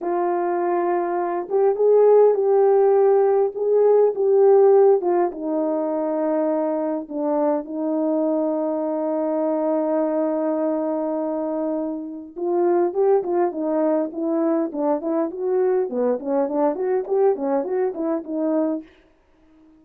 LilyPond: \new Staff \with { instrumentName = "horn" } { \time 4/4 \tempo 4 = 102 f'2~ f'8 g'8 gis'4 | g'2 gis'4 g'4~ | g'8 f'8 dis'2. | d'4 dis'2.~ |
dis'1~ | dis'4 f'4 g'8 f'8 dis'4 | e'4 d'8 e'8 fis'4 b8 cis'8 | d'8 fis'8 g'8 cis'8 fis'8 e'8 dis'4 | }